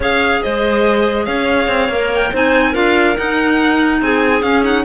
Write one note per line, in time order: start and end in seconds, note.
0.00 0.41 C#4
0.00 1.90 G#4
0.00 0.42 C#5
0.00 0.42 F5
0.42 1.27 G#3
0.42 1.26 C5
0.42 1.25 D#5
1.25 1.67 C#4
1.25 2.32 C#5
1.25 2.09 F5
1.67 1.88 C4
1.88 2.31 A#3
1.88 2.33 A#4
2.14 2.35 G5
2.32 2.75 C4
2.32 2.73 D#4
2.32 2.71 C5
2.32 2.75 G#5
2.71 3.17 D4
2.71 3.15 F4
2.71 3.98 A#4
2.71 3.16 F5
3.16 4.42 D#4
3.16 4.01 D#4
3.16 4.01 F#5
4.01 4.42 C4
4.01 4.85 G#4
4.01 4.42 G#5
4.42 4.84 C#4
4.42 4.63 C#4
4.42 4.63 F5
4.63 4.84 D#4
4.63 4.85 F#5